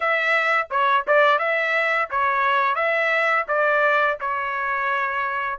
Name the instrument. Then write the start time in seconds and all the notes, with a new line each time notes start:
trumpet
0.00 E5
0.70 C#5
1.07 D5
1.39 E5
2.10 C#5
2.75 E5
3.48 D5
4.20 C#5